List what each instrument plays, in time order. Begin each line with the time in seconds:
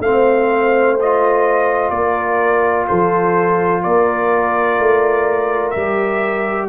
0.00 tuba A3, trombone C4, horn C5, trumpet F5
1.00 trombone F4, trumpet D#5
1.90 tuba A#3, horn A#4, trumpet D5
2.88 tuba F3, horn A4, trumpet C5
3.83 tuba A#3, horn A#4, trumpet D5
4.79 tuba A3
5.71 tuba G3, trumpet E5
5.77 trombone G4